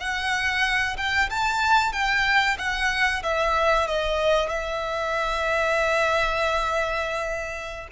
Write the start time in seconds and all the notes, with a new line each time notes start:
0.00 F#5
0.97 G5
1.30 A5
1.93 G5
2.58 F#5
3.23 E5
3.87 D#5
4.50 E5